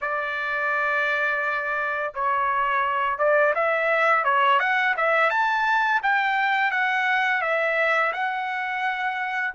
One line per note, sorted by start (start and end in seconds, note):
0.01 2.13 D5
2.14 3.18 C#5
3.18 3.53 D5
3.55 4.24 E5
4.24 4.59 C#5
4.59 4.94 F#5
4.96 5.30 E5
5.30 6.00 A5
6.02 6.71 G5
6.71 7.41 F#5
7.41 8.12 E5
8.12 9.54 F#5